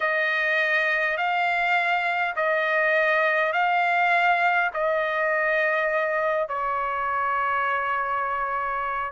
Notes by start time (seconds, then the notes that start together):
0.00 D#5
1.17 F5
2.36 D#5
3.53 F5
4.73 D#5
6.48 C#5